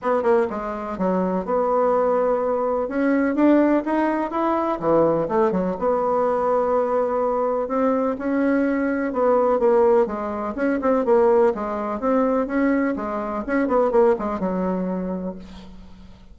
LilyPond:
\new Staff \with { instrumentName = "bassoon" } { \time 4/4 \tempo 4 = 125 b8 ais8 gis4 fis4 b4~ | b2 cis'4 d'4 | dis'4 e'4 e4 a8 fis8 | b1 |
c'4 cis'2 b4 | ais4 gis4 cis'8 c'8 ais4 | gis4 c'4 cis'4 gis4 | cis'8 b8 ais8 gis8 fis2 | }